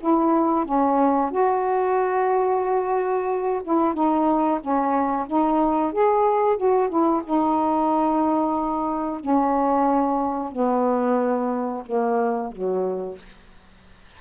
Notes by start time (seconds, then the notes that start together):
0.00 E4
0.65 C#4
1.31 F#4
3.64 E4
3.94 D#4
4.60 C#4
5.27 D#4
5.92 G#4
6.57 F#4
6.89 E4
7.24 D#4
9.20 C#4
10.52 B3
11.86 A#3
12.52 F#3